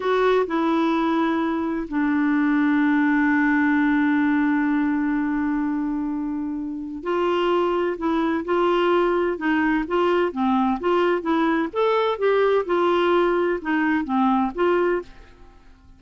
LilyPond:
\new Staff \with { instrumentName = "clarinet" } { \time 4/4 \tempo 4 = 128 fis'4 e'2. | d'1~ | d'1~ | d'2. f'4~ |
f'4 e'4 f'2 | dis'4 f'4 c'4 f'4 | e'4 a'4 g'4 f'4~ | f'4 dis'4 c'4 f'4 | }